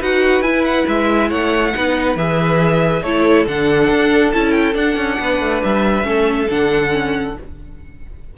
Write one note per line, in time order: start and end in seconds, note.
0.00 0.42 D#4
0.00 0.44 F#4
0.00 1.29 B4
0.00 0.42 F#5
0.42 0.85 E4
0.42 1.73 E4
0.42 0.64 G#5
0.65 0.87 F#5
0.88 1.31 G#3
0.88 1.30 E5
1.29 1.74 A3
1.29 1.72 C#5
1.29 2.17 F#5
1.74 2.16 B3
1.74 2.17 D#4
1.74 3.03 B4
2.16 3.02 E3
2.16 3.04 G#4
2.16 3.03 E5
3.03 3.46 A3
3.03 3.47 E4
3.03 5.19 A4
3.03 3.46 C#5
3.46 3.89 D3
3.46 4.34 D4
3.46 4.32 F#5
3.90 4.33 D4
4.32 4.75 C#4
4.32 4.74 E4
4.32 4.52 A5
4.52 4.73 G5
4.74 6.04 D4
4.74 4.97 D4
4.74 5.63 F#5
4.97 5.18 C#4
5.19 5.41 B3
5.19 6.07 B4
5.41 5.62 A3
5.63 6.04 G3
5.63 6.50 E5
6.04 6.47 A3
6.04 6.47 C#4
6.04 7.38 A4
6.50 7.37 D3
6.50 6.91 D4
6.50 7.37 F#5
6.91 7.34 C#4